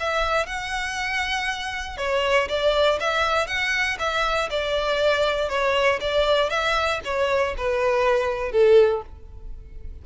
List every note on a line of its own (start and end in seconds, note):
0.00 0.47 E5
0.47 1.98 F#5
1.98 2.48 C#5
2.49 2.99 D5
3.00 3.47 E5
3.47 3.98 F#5
3.99 4.50 E5
4.50 5.49 D5
5.49 6.00 C#5
6.01 6.50 D5
6.50 7.00 E5
7.05 7.55 C#5
7.58 8.52 B4
8.52 9.02 A4